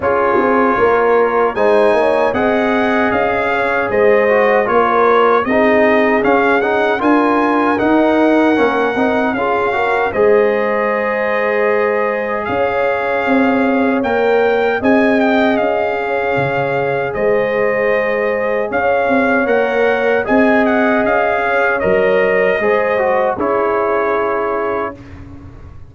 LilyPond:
<<
  \new Staff \with { instrumentName = "trumpet" } { \time 4/4 \tempo 4 = 77 cis''2 gis''4 fis''4 | f''4 dis''4 cis''4 dis''4 | f''8 fis''8 gis''4 fis''2 | f''4 dis''2. |
f''2 g''4 gis''8 g''8 | f''2 dis''2 | f''4 fis''4 gis''8 fis''8 f''4 | dis''2 cis''2 | }
  \new Staff \with { instrumentName = "horn" } { \time 4/4 gis'4 ais'4 c''8 cis''8 dis''4~ | dis''8 cis''8 c''4 ais'4 gis'4~ | gis'4 ais'2. | gis'8 ais'8 c''2. |
cis''2. dis''4~ | dis''8 cis''4. c''2 | cis''2 dis''4. cis''8~ | cis''4 c''4 gis'2 | }
  \new Staff \with { instrumentName = "trombone" } { \time 4/4 f'2 dis'4 gis'4~ | gis'4. fis'8 f'4 dis'4 | cis'8 dis'8 f'4 dis'4 cis'8 dis'8 | f'8 fis'8 gis'2.~ |
gis'2 ais'4 gis'4~ | gis'1~ | gis'4 ais'4 gis'2 | ais'4 gis'8 fis'8 e'2 | }
  \new Staff \with { instrumentName = "tuba" } { \time 4/4 cis'8 c'8 ais4 gis8 ais8 c'4 | cis'4 gis4 ais4 c'4 | cis'4 d'4 dis'4 ais8 c'8 | cis'4 gis2. |
cis'4 c'4 ais4 c'4 | cis'4 cis4 gis2 | cis'8 c'8 ais4 c'4 cis'4 | fis4 gis4 cis'2 | }
>>